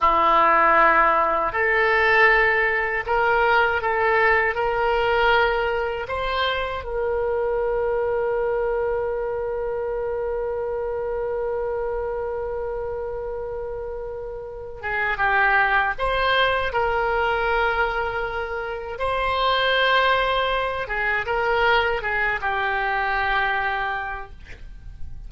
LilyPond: \new Staff \with { instrumentName = "oboe" } { \time 4/4 \tempo 4 = 79 e'2 a'2 | ais'4 a'4 ais'2 | c''4 ais'2.~ | ais'1~ |
ais'2.~ ais'8 gis'8 | g'4 c''4 ais'2~ | ais'4 c''2~ c''8 gis'8 | ais'4 gis'8 g'2~ g'8 | }